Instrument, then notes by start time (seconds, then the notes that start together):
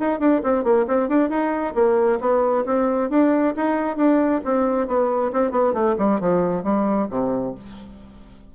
bassoon
0.00 D#4
0.20 D4
0.44 C4
0.64 A#3
0.87 C4
1.09 D4
1.30 D#4
1.75 A#3
2.20 B3
2.66 C4
3.10 D4
3.57 D#4
3.97 D4
4.45 C4
4.87 B3
5.33 C4
5.52 B3
5.74 A3
5.99 G3
6.20 F3
6.64 G3
7.11 C3